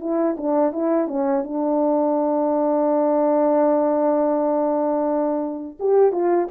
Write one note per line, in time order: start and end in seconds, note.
0.00 0.36 E4
0.37 0.72 D4
0.72 1.07 E4
1.07 1.44 C#4
1.44 5.78 D4
5.79 6.12 G4
6.12 6.48 F4